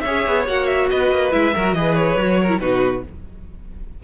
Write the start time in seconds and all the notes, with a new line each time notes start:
0.00 C#4 C#5 E5
0.06 G#4
0.27 B3
0.47 A#3 F#4 F#5
0.66 E5
0.90 B3 B4 D#5
1.11 A#3
1.31 G#3 E4 E5
1.54 F#3 F#4 A#4
1.73 E3 G#4 B4 D#5
1.95 C#5
2.16 F#3 F#4
2.41 A#4
2.49 E4
2.60 B2 D#4 F#4 B4